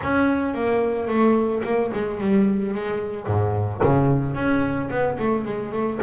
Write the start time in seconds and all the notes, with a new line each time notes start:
0.02 C#4
0.54 A#3
1.07 A3
1.64 A#3
1.93 G#3
2.20 G3
2.74 G#3
3.27 G#2
3.83 C#3
4.34 C#4
4.90 B3
5.18 A3
5.44 G#3
5.71 A3